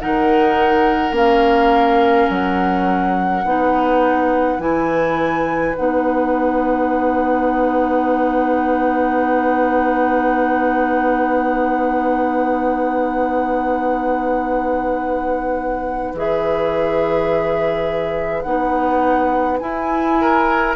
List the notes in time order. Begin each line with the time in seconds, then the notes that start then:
0.00 D#3 D#4 A#4 F#5
1.12 A#3 C#4 F5
2.30 F#3 F#5
3.45 B3 D#4 B4
4.59 E3 E4 G#5
5.76 B3 D#4 F#5
16.14 E3 G#4 E5
18.43 B3 D#4 F#5
19.59 E4 G#5
20.21 A#4